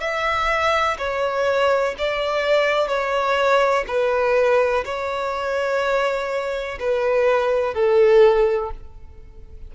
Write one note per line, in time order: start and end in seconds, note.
0.00 0.97 E5
0.98 1.95 C#5
1.98 2.87 D5
2.87 3.84 C#5
3.87 4.84 B4
4.85 6.78 C#5
6.79 7.74 B4
7.74 8.71 A4